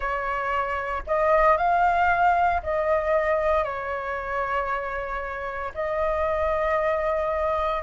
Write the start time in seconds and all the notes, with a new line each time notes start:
0.00 C#5
1.06 D#5
1.57 F5
2.62 D#5
3.64 C#5
5.74 D#5